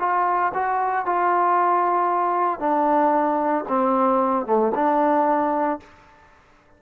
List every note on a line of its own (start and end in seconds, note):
0.00 0.53 F4
0.54 1.06 F#4
1.06 2.60 F4
2.60 3.65 D4
3.69 4.46 C4
4.46 4.72 A3
4.75 5.80 D4